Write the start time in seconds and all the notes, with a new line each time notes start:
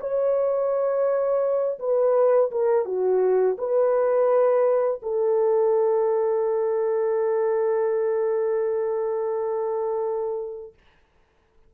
0.00 C#5
1.79 B4
2.51 A#4
2.85 F#4
3.58 B4
5.02 A4